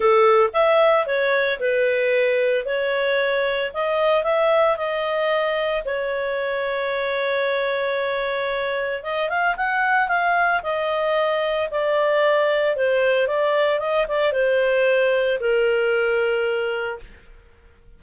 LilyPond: \new Staff \with { instrumentName = "clarinet" } { \time 4/4 \tempo 4 = 113 a'4 e''4 cis''4 b'4~ | b'4 cis''2 dis''4 | e''4 dis''2 cis''4~ | cis''1~ |
cis''4 dis''8 f''8 fis''4 f''4 | dis''2 d''2 | c''4 d''4 dis''8 d''8 c''4~ | c''4 ais'2. | }